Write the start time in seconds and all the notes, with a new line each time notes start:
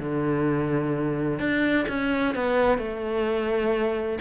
0.00 D3
1.39 D4
1.89 C#4
2.35 B3
2.78 A3